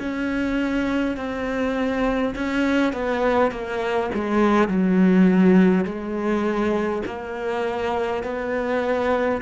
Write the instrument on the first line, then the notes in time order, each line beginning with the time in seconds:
cello
0.00 C#4
1.17 C4
2.36 C#4
2.93 B3
3.52 A#3
4.15 G#3
4.68 F#3
5.85 G#3
7.06 A#3
8.24 B3